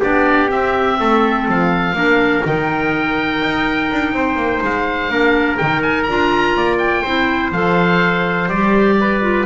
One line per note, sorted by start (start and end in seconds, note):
0.00 0.51 B3
0.00 0.48 D4
0.00 0.97 G4
0.00 0.51 D5
0.48 1.94 C4
0.48 0.99 C4
0.48 1.48 E5
1.00 1.48 A3
1.00 1.97 A4
1.48 1.93 F3
1.48 2.46 F5
1.93 2.42 A#3
1.93 2.44 D4
1.93 4.15 A#4
2.46 3.42 D#3
2.46 5.10 D#4
2.46 4.64 G5
3.42 3.91 D#4
3.92 4.13 D4
4.13 4.36 C4
4.13 5.12 C5
4.36 4.60 A#3
4.62 5.09 G#3
4.62 5.58 F5
5.09 5.58 A#3
5.09 5.58 D4
5.09 6.57 A#4
5.58 6.09 D#3
5.58 6.08 D#4
5.58 5.82 G5
5.83 6.03 G#5
6.03 6.55 D4
6.03 7.05 F4
6.03 6.76 A#5
6.55 7.04 A#3
6.55 7.03 D5
6.79 7.51 G5
7.03 7.52 C4
7.03 7.54 E4
7.03 8.96 C5
7.52 8.48 F3
7.52 8.51 A4
7.52 8.49 F5
8.48 9.45 G3
8.48 9.22 G4
8.48 9.46 D5
9.01 9.46 B4
9.22 9.46 F4